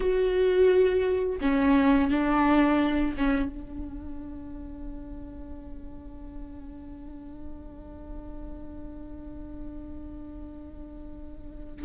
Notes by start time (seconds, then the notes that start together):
0.00 F#4
1.40 C#4
2.10 D4
3.17 C#4
3.49 D4